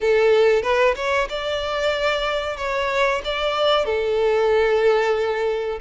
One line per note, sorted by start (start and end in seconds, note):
0.01 0.62 A4
0.62 0.94 B4
0.95 1.27 C#5
1.29 2.57 D5
2.57 3.21 C#5
3.24 3.85 D5
3.85 5.79 A4